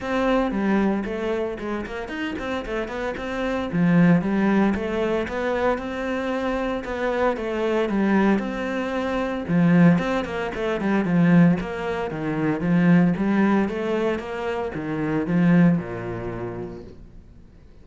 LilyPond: \new Staff \with { instrumentName = "cello" } { \time 4/4 \tempo 4 = 114 c'4 g4 a4 gis8 ais8 | dis'8 c'8 a8 b8 c'4 f4 | g4 a4 b4 c'4~ | c'4 b4 a4 g4 |
c'2 f4 c'8 ais8 | a8 g8 f4 ais4 dis4 | f4 g4 a4 ais4 | dis4 f4 ais,2 | }